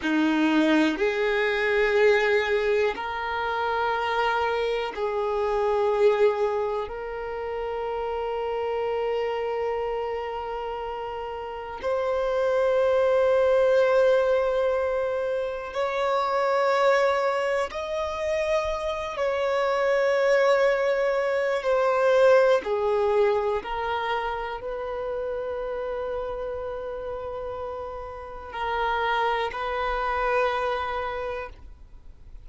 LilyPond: \new Staff \with { instrumentName = "violin" } { \time 4/4 \tempo 4 = 61 dis'4 gis'2 ais'4~ | ais'4 gis'2 ais'4~ | ais'1 | c''1 |
cis''2 dis''4. cis''8~ | cis''2 c''4 gis'4 | ais'4 b'2.~ | b'4 ais'4 b'2 | }